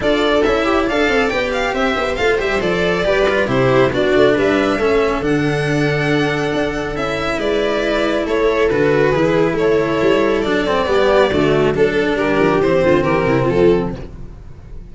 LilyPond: <<
  \new Staff \with { instrumentName = "violin" } { \time 4/4 \tempo 4 = 138 d''4 e''4 f''4 g''8 f''8 | e''4 f''8 e''8 d''2 | c''4 d''4 e''2 | fis''1 |
e''4 d''2 cis''4 | b'2 cis''2 | d''2. a'4 | ais'4 c''4 ais'4 a'4 | }
  \new Staff \with { instrumentName = "viola" } { \time 4/4 a'4. g'8 d''2 | c''2. b'4 | g'4 fis'4 b'4 a'4~ | a'1~ |
a'4 b'2 a'4~ | a'4 gis'4 a'2~ | a'4 g'4 fis'4 a'4 | g'4. f'8 g'8 e'8 f'4 | }
  \new Staff \with { instrumentName = "cello" } { \time 4/4 f'4 e'4 a'4 g'4~ | g'4 f'8 g'8 a'4 g'8 f'8 | e'4 d'2 cis'4 | d'1 |
e'1 | fis'4 e'2. | d'8 c'8 b4 a4 d'4~ | d'4 c'2. | }
  \new Staff \with { instrumentName = "tuba" } { \time 4/4 d'4 cis'4 d'8 c'8 b4 | c'8 b8 a8 g8 f4 g4 | c4 b8 a8 g4 a4 | d2. d'4 |
cis'4 gis2 a4 | d4 e4 a4 g4 | fis4 g4 d4 fis4 | g8 f8 e8 d8 e8 c8 f4 | }
>>